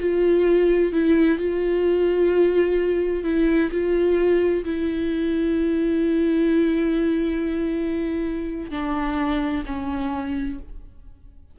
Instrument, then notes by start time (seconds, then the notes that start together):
viola
0.00 F4
0.93 E4
1.39 F4
3.24 E4
3.72 F4
4.65 E4
8.71 D4
9.66 C#4